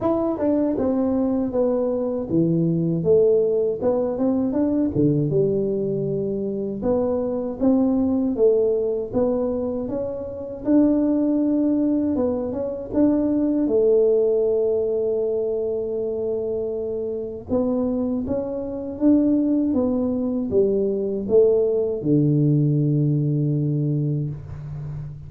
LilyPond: \new Staff \with { instrumentName = "tuba" } { \time 4/4 \tempo 4 = 79 e'8 d'8 c'4 b4 e4 | a4 b8 c'8 d'8 d8 g4~ | g4 b4 c'4 a4 | b4 cis'4 d'2 |
b8 cis'8 d'4 a2~ | a2. b4 | cis'4 d'4 b4 g4 | a4 d2. | }